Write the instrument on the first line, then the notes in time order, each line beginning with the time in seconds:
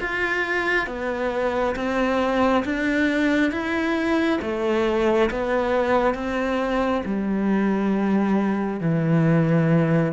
cello
0.00 F4
0.87 B3
1.75 C4
2.64 D4
3.51 E4
4.41 A3
5.30 B3
6.14 C4
7.05 G3
8.80 E3